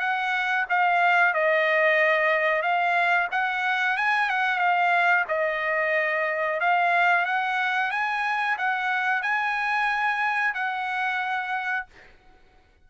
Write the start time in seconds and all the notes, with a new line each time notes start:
0.00 F#5
0.70 F5
1.34 D#5
2.63 F5
3.32 F#5
3.97 G#5
4.30 F#5
4.59 F5
5.29 D#5
6.61 F5
7.26 F#5
7.92 G#5
8.58 F#5
9.22 G#5
10.55 F#5